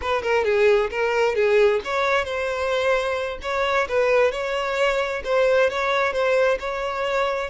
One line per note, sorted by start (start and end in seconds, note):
0.01 0.22 B4
0.22 0.44 A#4
0.44 0.89 G#4
0.90 1.35 A#4
1.35 1.80 G#4
1.84 2.24 C#5
2.24 3.38 C5
3.42 3.87 C#5
3.88 4.31 B4
4.31 5.22 C#5
5.24 5.69 C5
5.69 6.12 C#5
6.12 6.58 C5
6.59 7.50 C#5